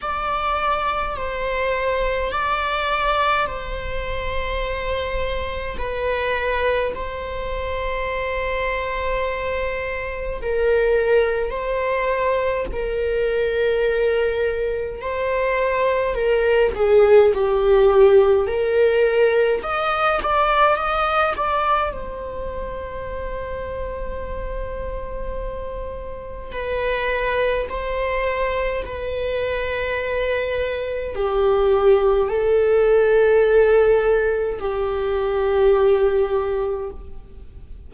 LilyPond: \new Staff \with { instrumentName = "viola" } { \time 4/4 \tempo 4 = 52 d''4 c''4 d''4 c''4~ | c''4 b'4 c''2~ | c''4 ais'4 c''4 ais'4~ | ais'4 c''4 ais'8 gis'8 g'4 |
ais'4 dis''8 d''8 dis''8 d''8 c''4~ | c''2. b'4 | c''4 b'2 g'4 | a'2 g'2 | }